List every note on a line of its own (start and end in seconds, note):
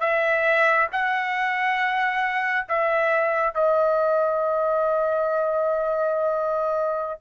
0.00 0.87 E5
0.92 2.66 F#5
2.68 3.54 E5
3.54 7.20 D#5